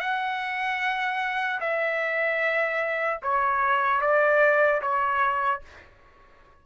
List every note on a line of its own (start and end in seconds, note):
0.00 1.60 F#5
1.60 3.20 E5
3.23 4.01 C#5
4.01 4.81 D5
4.82 5.62 C#5